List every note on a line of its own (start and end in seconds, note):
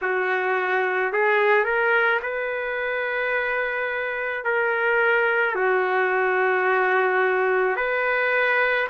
0.02 1.13 F#4
1.13 1.64 G#4
1.64 2.19 A#4
2.22 4.44 B4
4.44 5.55 A#4
5.55 7.76 F#4
7.76 8.87 B4